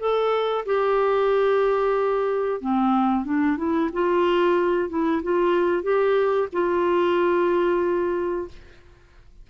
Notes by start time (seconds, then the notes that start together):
0.00 A4
0.66 G4
2.61 C4
3.25 D4
3.58 E4
3.93 F4
4.90 E4
5.24 F4
5.83 G4
6.53 F4